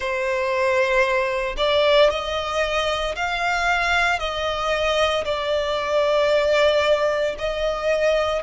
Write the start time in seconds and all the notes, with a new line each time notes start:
0.00 C5
1.57 D5
2.10 D#5
3.15 F5
4.19 D#5
5.24 D5
7.38 D#5